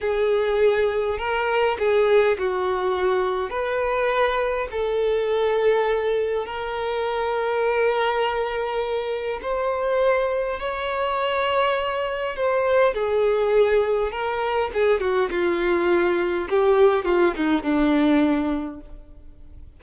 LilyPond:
\new Staff \with { instrumentName = "violin" } { \time 4/4 \tempo 4 = 102 gis'2 ais'4 gis'4 | fis'2 b'2 | a'2. ais'4~ | ais'1 |
c''2 cis''2~ | cis''4 c''4 gis'2 | ais'4 gis'8 fis'8 f'2 | g'4 f'8 dis'8 d'2 | }